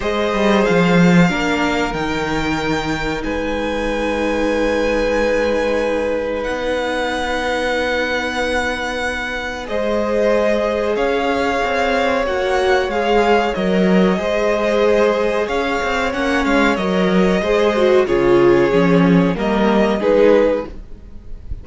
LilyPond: <<
  \new Staff \with { instrumentName = "violin" } { \time 4/4 \tempo 4 = 93 dis''4 f''2 g''4~ | g''4 gis''2.~ | gis''2 fis''2~ | fis''2. dis''4~ |
dis''4 f''2 fis''4 | f''4 dis''2. | f''4 fis''8 f''8 dis''2 | cis''2 dis''4 b'4 | }
  \new Staff \with { instrumentName = "violin" } { \time 4/4 c''2 ais'2~ | ais'4 b'2.~ | b'1~ | b'2. c''4~ |
c''4 cis''2.~ | cis''2 c''2 | cis''2. c''4 | gis'2 ais'4 gis'4 | }
  \new Staff \with { instrumentName = "viola" } { \time 4/4 gis'2 d'4 dis'4~ | dis'1~ | dis'1~ | dis'2. gis'4~ |
gis'2. fis'4 | gis'4 ais'4 gis'2~ | gis'4 cis'4 ais'4 gis'8 fis'8 | f'4 cis'4 ais4 dis'4 | }
  \new Staff \with { instrumentName = "cello" } { \time 4/4 gis8 g8 f4 ais4 dis4~ | dis4 gis2.~ | gis2 b2~ | b2. gis4~ |
gis4 cis'4 c'4 ais4 | gis4 fis4 gis2 | cis'8 c'8 ais8 gis8 fis4 gis4 | cis4 f4 g4 gis4 | }
>>